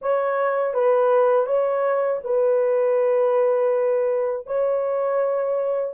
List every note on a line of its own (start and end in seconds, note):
0.01 0.74 C#5
0.74 1.46 B4
1.46 2.20 C#5
2.24 4.46 B4
4.46 5.94 C#5